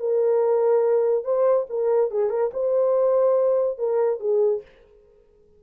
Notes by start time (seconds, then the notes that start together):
0.00 A#4
1.24 C5
1.70 A#4
2.11 G#4
2.30 A#4
2.53 C5
3.78 A#4
4.20 G#4